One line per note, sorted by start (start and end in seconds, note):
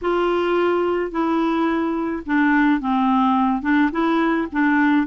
0.01 1.11 F4
1.11 2.23 E4
2.26 2.80 D4
2.80 3.62 C4
3.62 3.90 D4
3.91 4.47 E4
4.51 5.06 D4